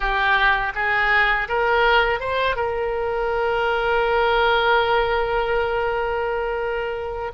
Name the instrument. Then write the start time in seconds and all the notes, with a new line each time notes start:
oboe
0.00 G4
0.74 G#4
1.48 A#4
2.20 C5
2.56 A#4